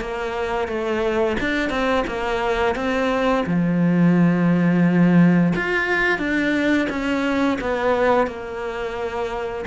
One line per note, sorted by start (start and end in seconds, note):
0.00 0.67 A#3
0.67 1.36 A3
1.40 1.69 D4
1.69 2.04 C4
2.07 2.75 A#3
2.75 3.44 C4
3.46 5.53 F3
5.55 6.18 F4
6.18 6.87 D4
6.89 7.58 C#4
7.61 8.27 B3
8.27 9.65 A#3